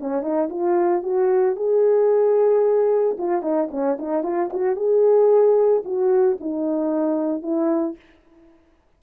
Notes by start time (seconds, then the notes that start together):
0.00 C#4
0.22 D#4
0.50 F4
1.03 F#4
1.57 G#4
3.19 F4
3.43 D#4
3.71 C#4
3.99 D#4
4.23 F4
4.53 F#4
4.76 G#4
5.85 F#4
6.41 D#4
7.43 E4